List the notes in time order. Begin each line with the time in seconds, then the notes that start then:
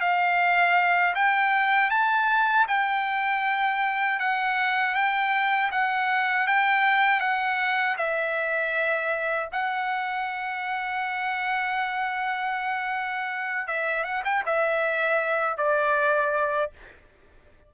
0.00 F5
1.15 G5
1.90 A5
2.68 G5
4.19 F#5
4.94 G5
5.71 F#5
6.47 G5
7.20 F#5
7.97 E5
9.52 F#5
13.67 E5
14.04 F#5
14.24 G5
14.45 E5
15.57 D5